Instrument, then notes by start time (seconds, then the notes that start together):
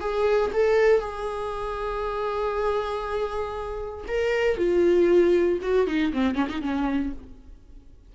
viola
0.00 G#4
0.53 A4
1.00 G#4
4.07 A#4
4.57 F4
5.61 F#4
5.87 D#4
6.13 C4
6.34 C#4
6.49 D#4
6.61 C#4